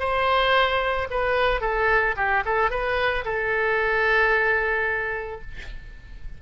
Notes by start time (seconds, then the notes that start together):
0.00 C5
1.11 B4
1.61 A4
2.17 G4
2.46 A4
2.71 B4
3.25 A4